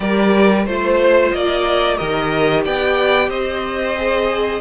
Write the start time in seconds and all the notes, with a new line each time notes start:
0.00 G3 G4 A#4 D5
0.65 A3 F4 C5
1.31 A#3 D5 D#5
1.97 D#3 G4 A#4 D#5
2.64 B3 D5 G5
3.28 C4 C5 D#5
3.97 G#4